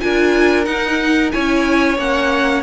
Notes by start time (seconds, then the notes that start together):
0.00 D4 F4 A#4 G#5
0.64 D#4 F#5
1.31 C#4 E4 C#5 G#5
1.97 A#3 C#4 F#5